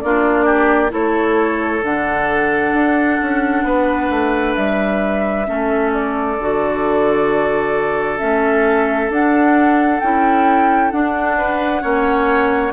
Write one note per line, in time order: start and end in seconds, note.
0.00 0.92 A#3
0.00 0.90 D4
0.00 0.45 F4
0.00 0.91 D5
0.45 0.91 G4
0.90 1.83 A3
0.90 1.80 E4
0.90 3.65 A4
0.90 1.84 C#5
1.83 2.73 D3
1.83 5.46 D4
1.83 4.55 F#5
2.73 3.18 D4
3.22 3.63 C#4
3.63 4.08 B3
3.63 5.47 B4
4.10 4.55 A3
4.55 5.48 G3
4.55 5.91 E5
5.46 6.38 A3
5.46 6.37 C#4
5.46 11.37 A4
5.93 8.19 D5
6.38 8.20 D3
6.38 8.19 F#4
8.19 9.09 A3
8.19 9.10 C#4
8.19 9.10 E5
9.09 10.00 D4
9.09 10.02 D4
9.09 10.00 F#5
10.00 10.92 C#4
10.00 10.92 E4
10.00 10.91 G5
10.91 11.81 D4
10.91 11.83 D4
10.91 12.73 F#5
11.37 11.82 B4
11.81 12.73 A#3
11.81 12.72 C#4
11.81 12.73 C#5